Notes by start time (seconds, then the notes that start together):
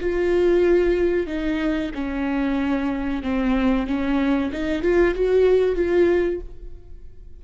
0.00 F4
1.26 D#4
1.94 C#4
3.22 C4
3.87 C#4
4.52 D#4
4.82 F4
5.15 F#4
5.75 F4